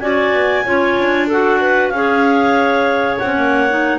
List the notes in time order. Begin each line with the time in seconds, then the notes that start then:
0.00 C#4 F#4 D5 G#5
0.33 B3
0.65 C#4 F4 C#5
0.98 D4
1.27 F#4 A4 F#5
1.61 B4
1.89 C#4 G#4 C#5 F5
3.19 C4 C#4 F#5
3.36 A#3
3.69 D#4